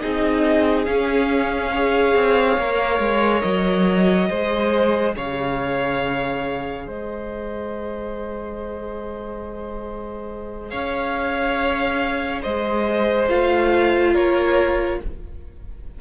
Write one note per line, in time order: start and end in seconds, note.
0.00 0.87 C4
0.00 0.87 D#4
0.00 1.72 G#4
0.00 0.85 D#5
0.85 2.15 C#4
0.85 1.74 C#4
0.85 3.42 F5
1.72 2.61 G#4
1.72 4.29 C#5
2.15 2.57 C4
2.57 2.99 A#3
2.57 4.30 A#4
2.99 3.42 G#3
3.42 4.30 F#3
3.42 5.13 D#5
4.30 5.16 G#3
4.30 13.29 G#4
4.30 5.15 C5
5.16 6.87 C#3
5.16 6.87 C#5
5.16 6.89 F5
6.87 10.73 G#3
6.87 10.71 C5
6.87 10.71 D#5
10.71 12.45 C#4
10.71 12.42 C#5
10.71 12.42 F5
12.42 13.31 G#3
12.42 14.13 C5
12.42 13.29 D#5
13.29 14.15 A3
13.29 15.01 F4
13.29 14.15 F5
14.13 15.01 A#3
14.13 14.99 A#4
14.13 15.01 C#5